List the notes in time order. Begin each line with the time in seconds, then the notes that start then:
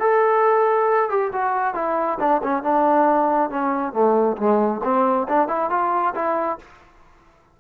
0.00 A4
1.10 G4
1.32 F#4
1.75 E4
2.20 D4
2.43 C#4
2.63 D4
3.50 C#4
3.93 A3
4.37 G#3
4.84 C4
5.28 D4
5.48 E4
5.70 F4
6.15 E4